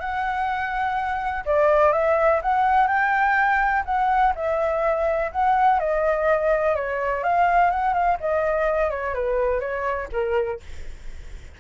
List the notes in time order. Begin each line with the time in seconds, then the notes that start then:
0.00 F#5
1.45 D5
1.93 E5
2.42 F#5
2.87 G5
3.85 F#5
4.35 E5
5.31 F#5
5.79 D#5
6.75 C#5
7.23 F5
7.71 F#5
7.93 F5
8.20 D#5
8.90 C#5
9.14 B4
9.60 C#5
10.12 A#4